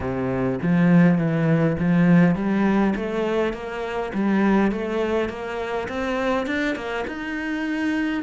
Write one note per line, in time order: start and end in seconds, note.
0.00 0.59 C3
0.62 1.18 F3
1.18 1.76 E3
1.78 2.35 F3
2.35 2.94 G3
2.95 3.53 A3
3.53 4.11 A#3
4.14 4.71 G3
4.71 5.29 A3
5.29 5.88 A#3
5.88 6.46 C4
6.46 6.75 D4
6.75 7.05 A#3
7.07 8.22 D#4